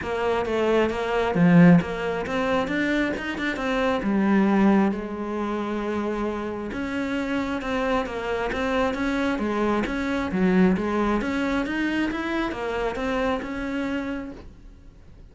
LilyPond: \new Staff \with { instrumentName = "cello" } { \time 4/4 \tempo 4 = 134 ais4 a4 ais4 f4 | ais4 c'4 d'4 dis'8 d'8 | c'4 g2 gis4~ | gis2. cis'4~ |
cis'4 c'4 ais4 c'4 | cis'4 gis4 cis'4 fis4 | gis4 cis'4 dis'4 e'4 | ais4 c'4 cis'2 | }